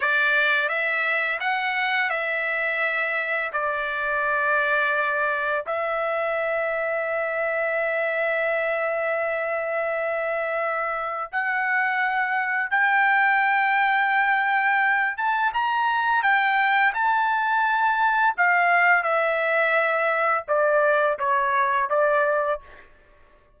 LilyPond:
\new Staff \with { instrumentName = "trumpet" } { \time 4/4 \tempo 4 = 85 d''4 e''4 fis''4 e''4~ | e''4 d''2. | e''1~ | e''1 |
fis''2 g''2~ | g''4. a''8 ais''4 g''4 | a''2 f''4 e''4~ | e''4 d''4 cis''4 d''4 | }